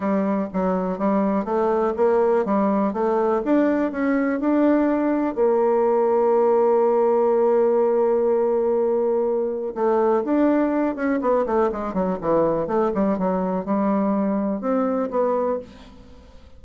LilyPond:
\new Staff \with { instrumentName = "bassoon" } { \time 4/4 \tempo 4 = 123 g4 fis4 g4 a4 | ais4 g4 a4 d'4 | cis'4 d'2 ais4~ | ais1~ |
ais1 | a4 d'4. cis'8 b8 a8 | gis8 fis8 e4 a8 g8 fis4 | g2 c'4 b4 | }